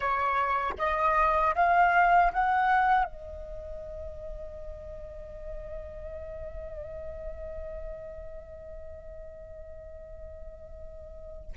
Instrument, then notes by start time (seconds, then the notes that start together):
flute
0.00 C#5
0.78 D#5
1.55 F5
2.33 F#5
3.04 D#5